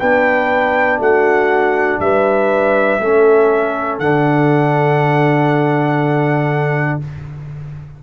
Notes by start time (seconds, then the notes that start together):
0.00 B3 D4 B4 G5
0.99 A3 F#4 F#5
2.00 G3 B4 E5
3.01 A3 C#4 A4
4.00 D3 D4 F#5